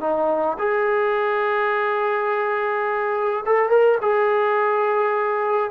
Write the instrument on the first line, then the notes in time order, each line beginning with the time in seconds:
trombone
0.00 D#4
0.58 G#4
3.45 A4
3.69 A#4
4.01 G#4